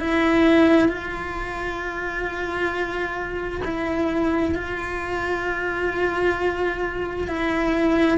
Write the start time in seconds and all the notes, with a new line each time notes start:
0.00 E4
0.89 F4
3.65 E4
4.55 F4
7.28 E4